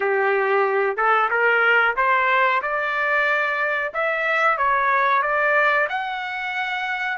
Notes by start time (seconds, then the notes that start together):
0.00 G4
0.96 A4
1.30 A#4
1.96 C5
2.61 D5
3.93 E5
4.57 C#5
5.22 D5
5.89 F#5